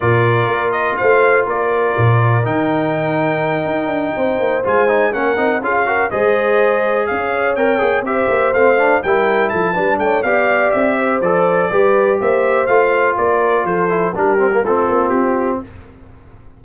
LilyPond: <<
  \new Staff \with { instrumentName = "trumpet" } { \time 4/4 \tempo 4 = 123 d''4. dis''8 f''4 d''4~ | d''4 g''2.~ | g''4. gis''4 fis''4 f''8~ | f''8 dis''2 f''4 g''8~ |
g''8 e''4 f''4 g''4 a''8~ | a''8 g''8 f''4 e''4 d''4~ | d''4 e''4 f''4 d''4 | c''4 ais'4 a'4 g'4 | }
  \new Staff \with { instrumentName = "horn" } { \time 4/4 ais'2 c''4 ais'4~ | ais'1~ | ais'8 c''2 ais'4 gis'8 | ais'8 c''2 cis''4.~ |
cis''8 c''2 ais'4 a'8 | b'8 cis''8 d''4. c''4. | b'4 c''2 ais'4 | a'4 g'4 f'2 | }
  \new Staff \with { instrumentName = "trombone" } { \time 4/4 f'1~ | f'4 dis'2.~ | dis'4. f'8 dis'8 cis'8 dis'8 f'8 | fis'8 gis'2. ais'8 |
gis'8 g'4 c'8 d'8 e'4. | d'4 g'2 a'4 | g'2 f'2~ | f'8 e'8 d'8 c'16 ais16 c'2 | }
  \new Staff \with { instrumentName = "tuba" } { \time 4/4 ais,4 ais4 a4 ais4 | ais,4 dis2~ dis8 dis'8 | d'8 c'8 ais8 gis4 ais8 c'8 cis'8~ | cis'8 gis2 cis'4 c'8 |
ais8 c'8 ais8 a4 g4 f8 | g8 a8 b4 c'4 f4 | g4 ais4 a4 ais4 | f4 g4 a8 ais8 c'4 | }
>>